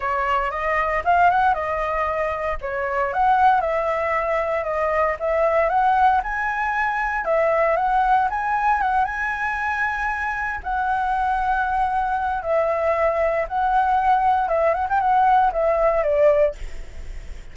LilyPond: \new Staff \with { instrumentName = "flute" } { \time 4/4 \tempo 4 = 116 cis''4 dis''4 f''8 fis''8 dis''4~ | dis''4 cis''4 fis''4 e''4~ | e''4 dis''4 e''4 fis''4 | gis''2 e''4 fis''4 |
gis''4 fis''8 gis''2~ gis''8~ | gis''8 fis''2.~ fis''8 | e''2 fis''2 | e''8 fis''16 g''16 fis''4 e''4 d''4 | }